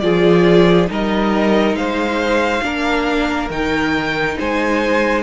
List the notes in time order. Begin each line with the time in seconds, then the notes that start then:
0.00 F3 F4 G#4 D5
0.87 G3 D#4 A#4
0.93 D#5
1.73 G#3 C5 F5
2.62 A#3 D4 A#4
3.50 D#3 D#4 G5
4.38 G#3 C5 G#5